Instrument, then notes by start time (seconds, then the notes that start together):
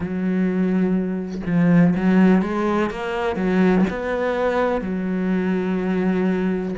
cello
0.00 F#3
1.46 F3
1.96 F#3
2.42 G#3
2.90 A#3
3.36 F#3
3.90 B3
4.81 F#3